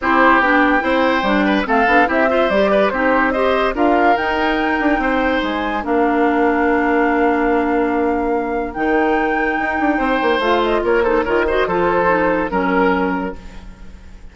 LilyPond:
<<
  \new Staff \with { instrumentName = "flute" } { \time 4/4 \tempo 4 = 144 c''4 g''2. | f''4 e''4 d''4 c''4 | dis''4 f''4 g''2~ | g''4 gis''4 f''2~ |
f''1~ | f''4 g''2.~ | g''4 f''8 dis''8 cis''8 c''8 cis''8 dis''8 | c''2 ais'2 | }
  \new Staff \with { instrumentName = "oboe" } { \time 4/4 g'2 c''4. b'8 | a'4 g'8 c''4 b'8 g'4 | c''4 ais'2. | c''2 ais'2~ |
ais'1~ | ais'1 | c''2 ais'8 a'8 ais'8 c''8 | a'2 ais'2 | }
  \new Staff \with { instrumentName = "clarinet" } { \time 4/4 e'4 d'4 e'4 d'4 | c'8 d'8 e'8 f'8 g'4 dis'4 | g'4 f'4 dis'2~ | dis'2 d'2~ |
d'1~ | d'4 dis'2.~ | dis'4 f'4. dis'8 f'8 fis'8 | f'4 dis'4 cis'2 | }
  \new Staff \with { instrumentName = "bassoon" } { \time 4/4 c'4 b4 c'4 g4 | a8 b8 c'4 g4 c'4~ | c'4 d'4 dis'4. d'8 | c'4 gis4 ais2~ |
ais1~ | ais4 dis2 dis'8 d'8 | c'8 ais8 a4 ais4 dis4 | f2 fis2 | }
>>